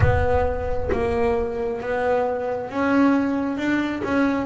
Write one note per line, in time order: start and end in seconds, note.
0.00 0.89 B3
0.92 1.80 A#3
1.80 2.69 B3
2.69 3.57 C#4
3.57 4.02 D4
4.03 4.46 C#4